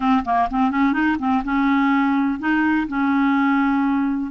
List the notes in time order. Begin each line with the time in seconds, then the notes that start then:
0.00 C4
0.24 A#3
0.50 C4
0.71 C#4
0.93 D#4
1.18 C4
1.44 C#4
2.39 D#4
2.88 C#4